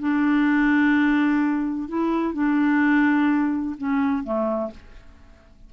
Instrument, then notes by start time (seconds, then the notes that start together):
clarinet
0.00 D4
1.89 E4
2.34 D4
3.78 C#4
4.24 A3